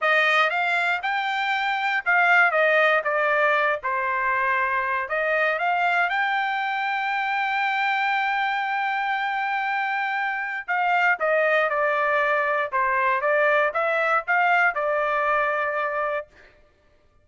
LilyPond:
\new Staff \with { instrumentName = "trumpet" } { \time 4/4 \tempo 4 = 118 dis''4 f''4 g''2 | f''4 dis''4 d''4. c''8~ | c''2 dis''4 f''4 | g''1~ |
g''1~ | g''4 f''4 dis''4 d''4~ | d''4 c''4 d''4 e''4 | f''4 d''2. | }